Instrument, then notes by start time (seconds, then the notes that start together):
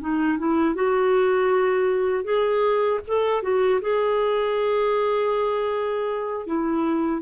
clarinet
0.00 D#4
0.38 E4
0.75 F#4
2.24 G#4
3.07 A4
3.42 F#4
3.81 G#4
6.46 E4